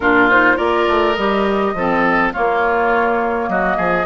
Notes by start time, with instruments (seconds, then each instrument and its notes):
0.00 bassoon A#2, clarinet D4, oboe F4, flute A#4
0.29 clarinet D#4, flute C5
0.56 bassoon A#3, clarinet F4, oboe A#4, flute D5
0.87 bassoon A3
1.13 bassoon G3, clarinet G4, flute D#5
1.73 bassoon F3, clarinet C4, oboe A4
2.33 clarinet A#3, bassoon A#3, oboe F4, flute C#5
3.48 bassoon F#3, oboe F#4, flute D#5
3.76 bassoon F3, oboe G#4